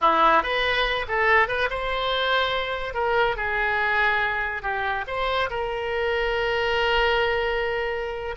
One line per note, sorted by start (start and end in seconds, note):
0.01 0.42 E4
0.42 1.06 B4
1.08 1.48 A4
1.48 1.69 B4
1.70 2.94 C5
2.94 3.36 A#4
3.36 4.62 G#4
4.62 5.04 G4
5.07 5.49 C5
5.49 8.35 A#4